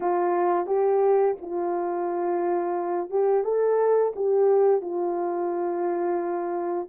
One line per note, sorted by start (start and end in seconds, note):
0.00 0.66 F4
0.66 1.35 G4
1.41 3.09 F4
3.09 3.44 G4
3.44 4.13 A4
4.15 4.81 G4
4.81 6.88 F4